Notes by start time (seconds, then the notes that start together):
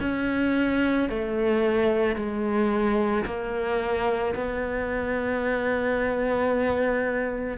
0.00 C#4
1.09 A3
2.16 G#3
3.25 A#3
4.35 B3